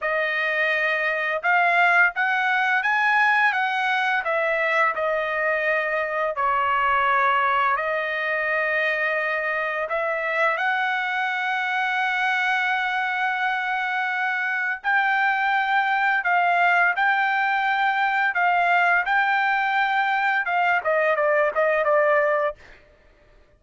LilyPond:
\new Staff \with { instrumentName = "trumpet" } { \time 4/4 \tempo 4 = 85 dis''2 f''4 fis''4 | gis''4 fis''4 e''4 dis''4~ | dis''4 cis''2 dis''4~ | dis''2 e''4 fis''4~ |
fis''1~ | fis''4 g''2 f''4 | g''2 f''4 g''4~ | g''4 f''8 dis''8 d''8 dis''8 d''4 | }